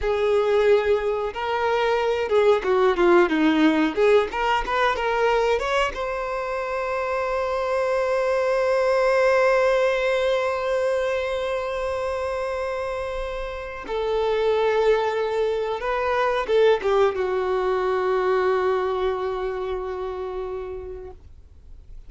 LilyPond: \new Staff \with { instrumentName = "violin" } { \time 4/4 \tempo 4 = 91 gis'2 ais'4. gis'8 | fis'8 f'8 dis'4 gis'8 ais'8 b'8 ais'8~ | ais'8 cis''8 c''2.~ | c''1~ |
c''1~ | c''4 a'2. | b'4 a'8 g'8 fis'2~ | fis'1 | }